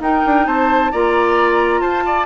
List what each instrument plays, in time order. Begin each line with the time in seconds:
0.00 bassoon D#4, clarinet D#4, oboe A#4, flute G5
0.26 bassoon D4
0.47 bassoon C4, oboe C5, flute A5
0.92 bassoon A#3, clarinet F4, oboe D5, flute A#5
1.81 bassoon F4, oboe C5, flute A5
2.06 oboe D5